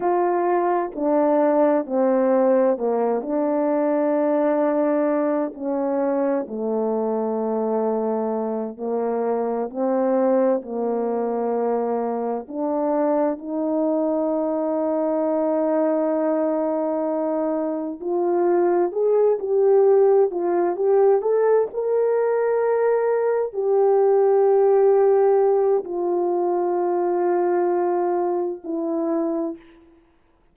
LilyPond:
\new Staff \with { instrumentName = "horn" } { \time 4/4 \tempo 4 = 65 f'4 d'4 c'4 ais8 d'8~ | d'2 cis'4 a4~ | a4. ais4 c'4 ais8~ | ais4. d'4 dis'4.~ |
dis'2.~ dis'8 f'8~ | f'8 gis'8 g'4 f'8 g'8 a'8 ais'8~ | ais'4. g'2~ g'8 | f'2. e'4 | }